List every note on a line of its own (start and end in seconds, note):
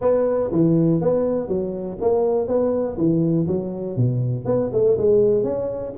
0.01 0.50 B3
0.51 1.01 E3
1.01 1.48 B3
1.48 1.97 F#3
2.01 2.47 A#3
2.47 2.97 B3
2.97 3.47 E3
3.47 3.96 F#3
3.96 4.45 B2
4.45 4.70 B3
4.72 4.97 A3
4.97 5.43 G#3
5.43 5.93 C#4